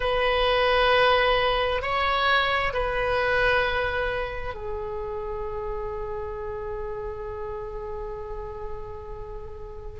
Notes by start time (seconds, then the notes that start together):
0.00 B4
1.82 C#5
2.73 B4
4.54 G#4